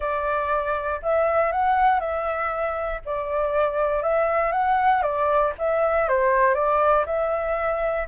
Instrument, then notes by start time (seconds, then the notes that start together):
flute
0.00 D5
1.02 E5
1.51 F#5
2.00 E5
3.05 D5
4.02 E5
4.51 F#5
5.02 D5
5.58 E5
6.08 C5
6.54 D5
7.06 E5